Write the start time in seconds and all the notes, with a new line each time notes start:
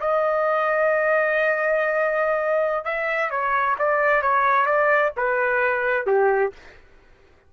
0.00 D#5
2.84 E5
3.30 C#5
3.78 D5
4.22 C#5
4.66 D5
5.17 B4
6.06 G4